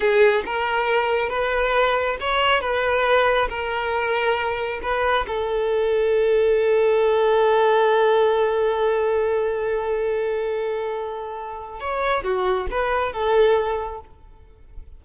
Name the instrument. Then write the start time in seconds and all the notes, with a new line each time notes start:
violin
0.00 G#4
0.45 A#4
1.29 B4
2.20 C#5
2.61 B4
3.49 A#4
4.82 B4
5.27 A4
11.80 C#5
12.23 F#4
12.70 B4
13.12 A4